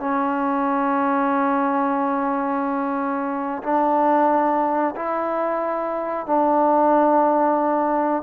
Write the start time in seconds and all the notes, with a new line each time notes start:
0.00 C#4
3.63 D4
4.96 E4
6.27 D4